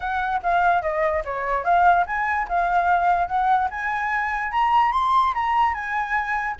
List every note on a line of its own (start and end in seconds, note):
0.00 0.41 F#5
0.42 0.81 F5
0.81 1.23 D#5
1.24 1.64 C#5
1.64 2.05 F5
2.06 2.47 G#5
2.48 3.27 F5
3.27 3.69 F#5
3.70 4.51 G#5
4.51 4.92 A#5
4.92 5.33 C6
5.34 5.73 A#5
5.73 6.56 G#5